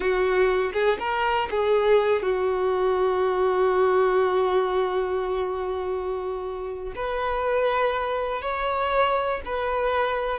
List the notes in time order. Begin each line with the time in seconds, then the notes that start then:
0.00 F#4
0.73 G#4
0.99 A#4
1.50 G#4
2.22 F#4
6.95 B4
8.41 C#5
9.45 B4